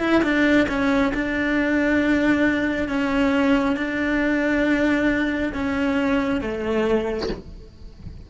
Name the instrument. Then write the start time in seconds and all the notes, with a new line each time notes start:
cello
0.00 E4
0.23 D4
0.69 C#4
1.14 D4
2.88 C#4
3.77 D4
5.53 C#4
6.41 A3